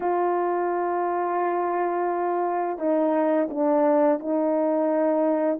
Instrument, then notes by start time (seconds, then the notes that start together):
horn
0.00 F4
2.78 D#4
3.49 D4
4.19 D#4